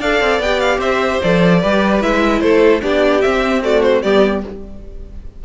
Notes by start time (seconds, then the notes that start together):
0.00 D4 A4 D5 F5
0.20 C4
0.39 B3 G4 G5
0.60 F5
0.78 C4 C5 E5
1.22 F3 A4 D5
1.60 G3 G4 B4
2.01 G#3 E4 E5
2.41 A3 A4 C5
2.82 B3 D4 G4 D5
3.22 C4 E5
3.62 A3 F#4 D5
3.83 C5
4.02 G3 B3 G4 D5